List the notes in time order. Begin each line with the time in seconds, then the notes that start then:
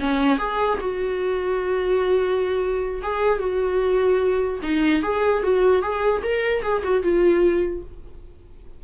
0.00 C#4
0.39 G#4
0.81 F#4
3.03 G#4
3.39 F#4
4.63 D#4
5.03 G#4
5.43 F#4
5.82 G#4
6.23 A#4
6.63 G#4
6.84 F#4
7.03 F4